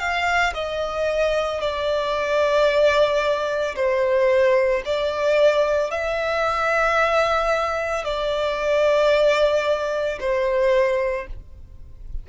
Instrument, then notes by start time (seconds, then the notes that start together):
violin
0.00 F5
0.55 D#5
1.61 D5
3.76 C5
4.86 D5
5.91 E5
8.05 D5
10.20 C5